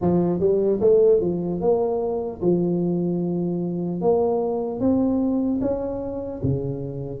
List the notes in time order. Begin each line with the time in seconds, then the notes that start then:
0.01 F3
0.40 G3
0.80 A3
1.20 F3
1.60 A#3
2.41 F3
4.01 A#3
4.80 C4
5.61 C#4
6.43 C#3